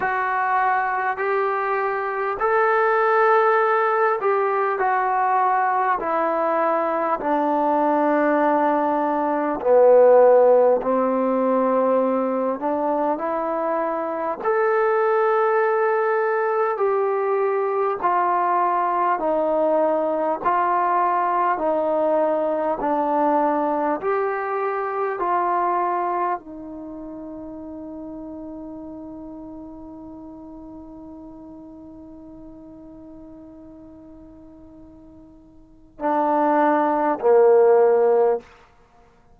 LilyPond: \new Staff \with { instrumentName = "trombone" } { \time 4/4 \tempo 4 = 50 fis'4 g'4 a'4. g'8 | fis'4 e'4 d'2 | b4 c'4. d'8 e'4 | a'2 g'4 f'4 |
dis'4 f'4 dis'4 d'4 | g'4 f'4 dis'2~ | dis'1~ | dis'2 d'4 ais4 | }